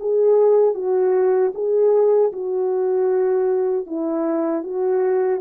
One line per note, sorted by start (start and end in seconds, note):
0.00 0.75 G#4
0.75 1.53 F#4
1.54 2.32 G#4
2.33 3.86 F#4
3.86 4.63 E4
4.63 5.40 F#4